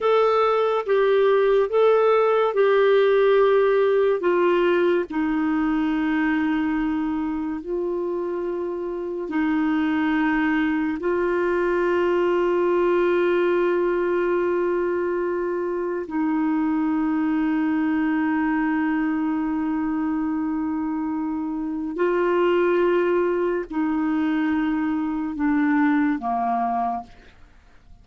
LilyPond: \new Staff \with { instrumentName = "clarinet" } { \time 4/4 \tempo 4 = 71 a'4 g'4 a'4 g'4~ | g'4 f'4 dis'2~ | dis'4 f'2 dis'4~ | dis'4 f'2.~ |
f'2. dis'4~ | dis'1~ | dis'2 f'2 | dis'2 d'4 ais4 | }